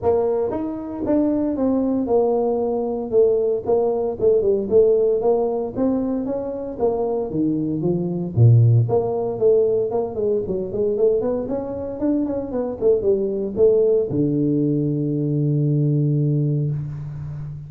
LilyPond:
\new Staff \with { instrumentName = "tuba" } { \time 4/4 \tempo 4 = 115 ais4 dis'4 d'4 c'4 | ais2 a4 ais4 | a8 g8 a4 ais4 c'4 | cis'4 ais4 dis4 f4 |
ais,4 ais4 a4 ais8 gis8 | fis8 gis8 a8 b8 cis'4 d'8 cis'8 | b8 a8 g4 a4 d4~ | d1 | }